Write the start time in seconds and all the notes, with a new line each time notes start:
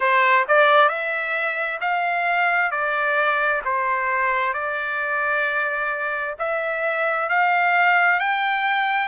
0.00 C5
0.48 D5
0.88 E5
1.81 F5
2.71 D5
3.64 C5
4.53 D5
6.38 E5
7.29 F5
8.19 G5